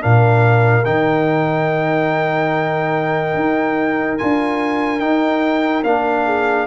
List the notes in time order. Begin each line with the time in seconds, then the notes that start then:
0.00 A#2 D4 A#4 F5
0.85 D#3 D#4 G5
3.35 D#4
4.18 D4 F4 G#5
5.00 D#4 G5
5.84 A#3 D4 F5
6.25 G#4